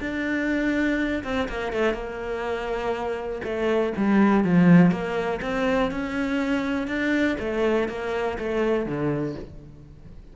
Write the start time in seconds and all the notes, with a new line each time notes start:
0.00 D4
1.23 C4
1.48 A#3
1.72 A3
1.94 A#3
3.43 A3
3.97 G3
4.44 F3
4.91 A#3
5.42 C4
5.91 C#4
6.87 D4
7.39 A3
7.88 A#3
8.39 A3
8.86 D3